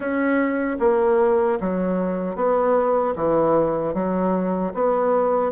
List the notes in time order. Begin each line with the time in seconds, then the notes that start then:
0.00 C#4
0.79 A#3
1.60 F#3
2.35 B3
3.15 E3
3.94 F#3
4.74 B3